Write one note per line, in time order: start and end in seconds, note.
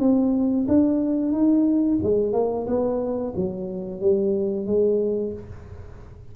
0.00 0.67 C4
0.68 1.32 D4
1.32 1.99 D#4
2.03 2.33 G#3
2.33 2.66 A#3
2.67 3.34 B3
3.36 4.01 F#3
4.01 4.66 G3
4.66 5.33 G#3